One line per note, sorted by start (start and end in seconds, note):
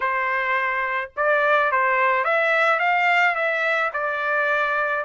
0.00 1.11 C5
1.16 1.71 D5
1.71 2.24 C5
2.24 2.79 E5
2.79 3.35 F5
3.35 3.91 E5
3.93 5.04 D5